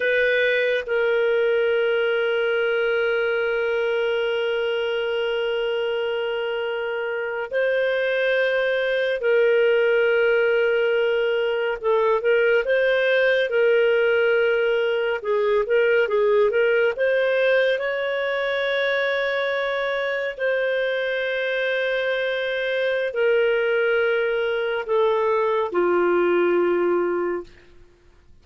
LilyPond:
\new Staff \with { instrumentName = "clarinet" } { \time 4/4 \tempo 4 = 70 b'4 ais'2.~ | ais'1~ | ais'8. c''2 ais'4~ ais'16~ | ais'4.~ ais'16 a'8 ais'8 c''4 ais'16~ |
ais'4.~ ais'16 gis'8 ais'8 gis'8 ais'8 c''16~ | c''8. cis''2. c''16~ | c''2. ais'4~ | ais'4 a'4 f'2 | }